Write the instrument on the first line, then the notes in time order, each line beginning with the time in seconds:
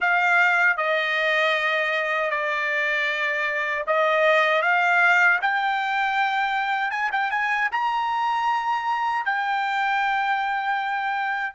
trumpet
0.00 F5
0.77 D#5
2.30 D5
3.86 D#5
4.62 F5
5.41 G5
6.91 G#5
7.12 G5
7.30 G#5
7.71 A#5
9.25 G5